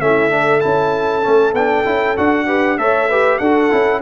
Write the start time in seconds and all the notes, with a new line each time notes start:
0.00 A3 C#4 E4 E5
0.30 D4 A4
0.61 C#4 E4 A5
1.23 A3 C#4
1.53 B3 D4 G5
1.85 C#4 E4
2.16 D4 F#4 F#5
2.47 G4 B4
2.78 A3 A4 C#5 E5
3.09 G4 B4
3.38 D4 F#4 A4 F#5
3.70 C#4 E4